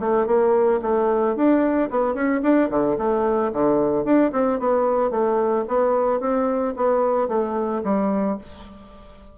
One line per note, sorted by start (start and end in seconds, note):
0.00 0.26 A3
0.26 0.80 A#3
0.82 1.36 A3
1.36 1.90 D4
1.90 2.14 B3
2.14 2.41 C#4
2.43 2.70 D4
2.70 2.97 D3
2.98 3.52 A3
3.53 4.04 D3
4.04 4.31 D4
4.32 4.59 C4
4.59 5.11 B3
5.11 5.65 A3
5.68 6.20 B3
6.20 6.74 C4
6.76 7.28 B3
7.28 7.82 A3
7.84 8.38 G3